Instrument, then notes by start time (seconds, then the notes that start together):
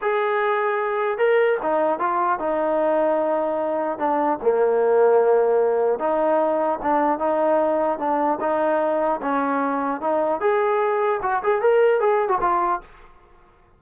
trombone
0.01 G#4
1.18 A#4
1.62 D#4
1.99 F4
2.39 D#4
3.98 D4
4.42 A#3
5.99 D#4
6.82 D4
7.19 D#4
7.98 D4
8.40 D#4
9.21 C#4
10.01 D#4
10.40 G#4
11.22 F#4
11.43 G#4
11.61 A#4
12.00 G#4
12.28 F#4
12.41 F4